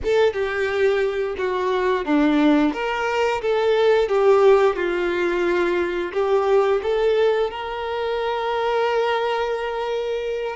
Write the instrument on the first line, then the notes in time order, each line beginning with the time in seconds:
violin
0.03 A4
0.33 G4
1.37 F#4
2.05 D4
2.73 A#4
3.41 A4
4.08 G4
4.75 F4
6.12 G4
6.82 A4
7.50 A#4